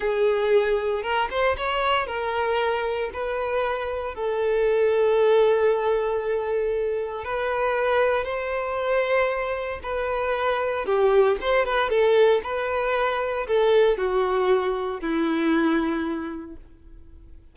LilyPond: \new Staff \with { instrumentName = "violin" } { \time 4/4 \tempo 4 = 116 gis'2 ais'8 c''8 cis''4 | ais'2 b'2 | a'1~ | a'2 b'2 |
c''2. b'4~ | b'4 g'4 c''8 b'8 a'4 | b'2 a'4 fis'4~ | fis'4 e'2. | }